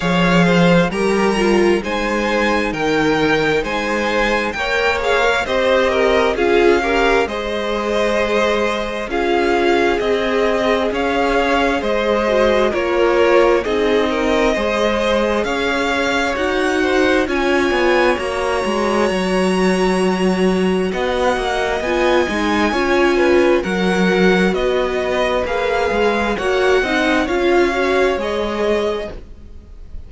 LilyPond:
<<
  \new Staff \with { instrumentName = "violin" } { \time 4/4 \tempo 4 = 66 f''4 ais''4 gis''4 g''4 | gis''4 g''8 f''8 dis''4 f''4 | dis''2 f''4 dis''4 | f''4 dis''4 cis''4 dis''4~ |
dis''4 f''4 fis''4 gis''4 | ais''2. fis''4 | gis''2 fis''4 dis''4 | f''4 fis''4 f''4 dis''4 | }
  \new Staff \with { instrumentName = "violin" } { \time 4/4 cis''8 c''8 ais'4 c''4 ais'4 | c''4 cis''4 c''8 ais'8 gis'8 ais'8 | c''2 gis'2 | cis''4 c''4 ais'4 gis'8 ais'8 |
c''4 cis''4. c''8 cis''4~ | cis''2. dis''4~ | dis''4 cis''8 b'8 ais'4 b'4~ | b'4 cis''8 dis''8 cis''2 | }
  \new Staff \with { instrumentName = "viola" } { \time 4/4 gis'4 g'8 f'8 dis'2~ | dis'4 ais'8 gis'16 ais'16 g'4 f'8 g'8 | gis'2 f'4 gis'4~ | gis'4. fis'8 f'4 dis'4 |
gis'2 fis'4 f'4 | fis'1 | f'8 dis'8 f'4 fis'2 | gis'4 fis'8 dis'8 f'8 fis'8 gis'4 | }
  \new Staff \with { instrumentName = "cello" } { \time 4/4 f4 g4 gis4 dis4 | gis4 ais4 c'4 cis'4 | gis2 cis'4 c'4 | cis'4 gis4 ais4 c'4 |
gis4 cis'4 dis'4 cis'8 b8 | ais8 gis8 fis2 b8 ais8 | b8 gis8 cis'4 fis4 b4 | ais8 gis8 ais8 c'8 cis'4 gis4 | }
>>